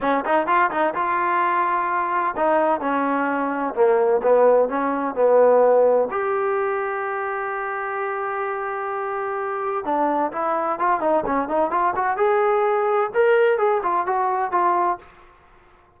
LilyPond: \new Staff \with { instrumentName = "trombone" } { \time 4/4 \tempo 4 = 128 cis'8 dis'8 f'8 dis'8 f'2~ | f'4 dis'4 cis'2 | ais4 b4 cis'4 b4~ | b4 g'2.~ |
g'1~ | g'4 d'4 e'4 f'8 dis'8 | cis'8 dis'8 f'8 fis'8 gis'2 | ais'4 gis'8 f'8 fis'4 f'4 | }